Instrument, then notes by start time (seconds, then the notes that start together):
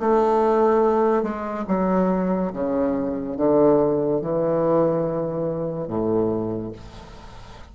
bassoon
0.00 A3
1.23 G#3
1.68 F#3
2.53 C#3
3.37 D3
4.21 E3
5.88 A2